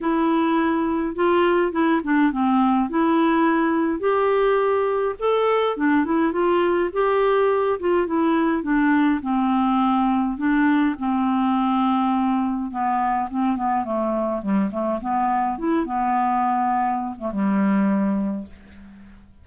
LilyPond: \new Staff \with { instrumentName = "clarinet" } { \time 4/4 \tempo 4 = 104 e'2 f'4 e'8 d'8 | c'4 e'2 g'4~ | g'4 a'4 d'8 e'8 f'4 | g'4. f'8 e'4 d'4 |
c'2 d'4 c'4~ | c'2 b4 c'8 b8 | a4 g8 a8 b4 e'8 b8~ | b4.~ b16 a16 g2 | }